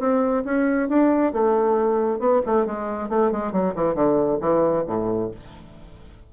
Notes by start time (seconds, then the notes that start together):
0.00 C4
0.45 C#4
0.89 D4
1.33 A3
2.20 B3
2.46 A3
2.66 G#3
3.10 A3
3.32 G#3
3.53 F#3
3.76 E3
3.95 D3
4.41 E3
4.87 A2